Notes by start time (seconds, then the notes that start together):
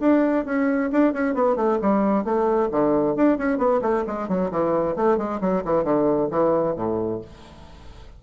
0.00 D4
0.45 C#4
0.92 D4
1.13 C#4
1.34 B3
1.56 A3
1.81 G3
2.24 A3
2.71 D3
3.16 D4
3.38 C#4
3.58 B3
3.82 A3
4.07 G#3
4.28 F#3
4.51 E3
4.96 A3
5.18 G#3
5.41 F#3
5.65 E3
5.84 D3
6.31 E3
6.76 A2